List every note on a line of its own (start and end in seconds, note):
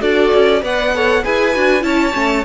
0.00 0.32 D4
0.00 0.61 F#4
0.00 0.62 A4
0.00 0.63 D5
0.34 0.63 C#4
0.61 1.24 B3
0.61 0.92 B4
0.61 0.93 D5
0.61 1.25 F#5
0.95 1.23 A4
0.95 1.23 C#5
1.23 1.56 E4
1.23 1.54 G#4
1.23 1.85 B4
1.23 1.83 G#5
1.55 1.83 D4
1.55 1.81 F#4
1.81 2.14 C#4
1.81 2.12 E4
1.81 2.45 C#5
1.81 2.45 A5
2.13 2.45 A3
2.13 2.43 C#4